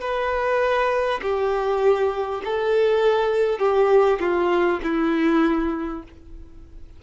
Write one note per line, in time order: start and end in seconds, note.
0.00 1.20 B4
1.22 2.42 G4
2.44 3.59 A4
3.59 4.19 G4
4.19 4.79 F4
4.83 6.03 E4